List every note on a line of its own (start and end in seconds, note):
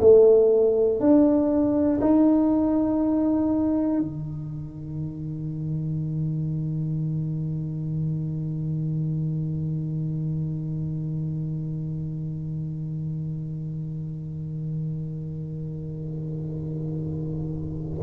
0.00 1.00 A3
1.00 2.00 D4
2.00 4.00 D#4
4.00 18.00 D#3